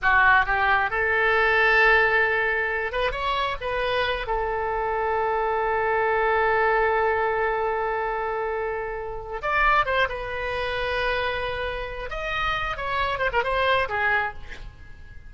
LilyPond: \new Staff \with { instrumentName = "oboe" } { \time 4/4 \tempo 4 = 134 fis'4 g'4 a'2~ | a'2~ a'8 b'8 cis''4 | b'4. a'2~ a'8~ | a'1~ |
a'1~ | a'4 d''4 c''8 b'4.~ | b'2. dis''4~ | dis''8 cis''4 c''16 ais'16 c''4 gis'4 | }